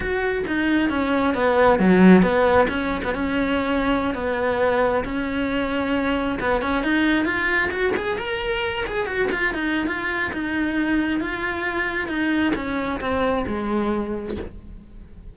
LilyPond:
\new Staff \with { instrumentName = "cello" } { \time 4/4 \tempo 4 = 134 fis'4 dis'4 cis'4 b4 | fis4 b4 cis'8. b16 cis'4~ | cis'4~ cis'16 b2 cis'8.~ | cis'2~ cis'16 b8 cis'8 dis'8.~ |
dis'16 f'4 fis'8 gis'8 ais'4. gis'16~ | gis'16 fis'8 f'8 dis'8. f'4 dis'4~ | dis'4 f'2 dis'4 | cis'4 c'4 gis2 | }